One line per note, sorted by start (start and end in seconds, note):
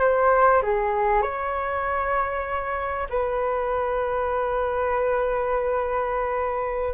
0.00 0.62 C5
0.62 1.22 G#4
1.22 3.08 C#5
3.09 6.94 B4